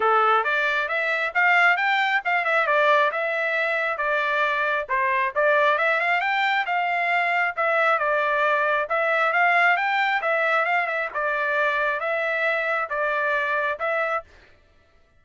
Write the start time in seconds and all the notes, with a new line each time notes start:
0.00 A4
0.44 D5
0.88 E5
1.34 F5
1.77 G5
2.24 F5
2.44 E5
2.66 D5
3.11 E5
3.97 D5
4.88 C5
5.35 D5
5.78 E5
6.00 F5
6.20 G5
6.65 F5
7.56 E5
7.98 D5
8.89 E5
9.32 F5
9.76 G5
10.21 E5
10.65 F5
10.86 E5
11.13 D5
12.00 E5
12.89 D5
13.79 E5